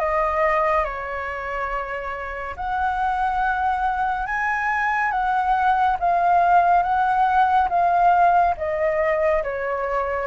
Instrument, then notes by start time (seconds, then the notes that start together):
flute
0.00 D#5
0.85 C#5
2.57 F#5
4.27 G#5
5.12 F#5
6.00 F5
6.83 F#5
7.69 F5
8.58 D#5
9.44 C#5